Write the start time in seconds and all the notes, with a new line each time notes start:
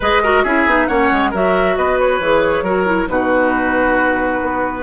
0.00 G#3 G#4 B4 D#5
0.22 F#4 A#4
0.43 C#4 E4 G#4 E5
0.66 B3 D#4
0.86 A#3 C#4 C#5 F#5
1.11 G#3
1.30 F#3 F#4 A#4 E5
1.76 B3 B4 D#5
1.99 C#5
2.19 E3 G#4
2.61 F#3 F#4 A#4
2.85 E4
3.07 B2 D#4 F#4 B4
4.42 B3